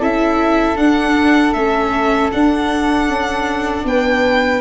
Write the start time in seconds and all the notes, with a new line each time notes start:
0.00 C#4 E4 A4 E5
0.76 D4 F#5
1.53 A3 C#4 E5
2.32 D4 F#5
3.09 C#4
3.85 B3 B4 G5